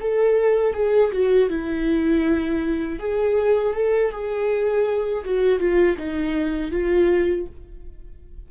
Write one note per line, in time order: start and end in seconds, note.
0.00 0.73 A4
0.73 1.11 G#4
1.12 1.49 F#4
1.49 2.99 E4
2.99 3.74 G#4
3.74 4.11 A4
4.11 5.24 G#4
5.24 5.59 F#4
5.59 5.96 F4
5.97 6.71 D#4
6.71 7.46 F4